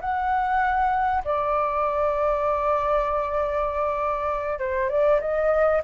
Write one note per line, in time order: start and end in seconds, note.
0.00 1.22 F#5
1.24 4.58 D5
4.58 4.89 C5
4.89 5.20 D5
5.20 5.81 D#5